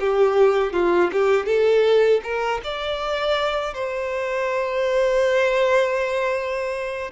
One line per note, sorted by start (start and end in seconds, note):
0.00 0.73 G4
0.73 1.11 F4
1.12 1.46 G4
1.46 2.21 A4
2.24 2.61 A#4
2.64 3.74 D5
3.74 7.11 C5